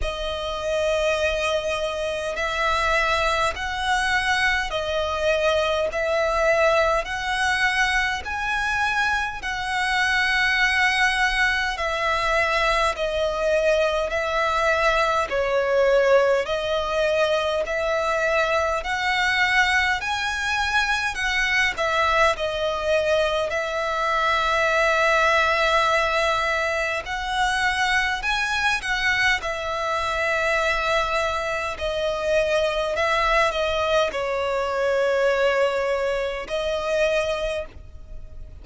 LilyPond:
\new Staff \with { instrumentName = "violin" } { \time 4/4 \tempo 4 = 51 dis''2 e''4 fis''4 | dis''4 e''4 fis''4 gis''4 | fis''2 e''4 dis''4 | e''4 cis''4 dis''4 e''4 |
fis''4 gis''4 fis''8 e''8 dis''4 | e''2. fis''4 | gis''8 fis''8 e''2 dis''4 | e''8 dis''8 cis''2 dis''4 | }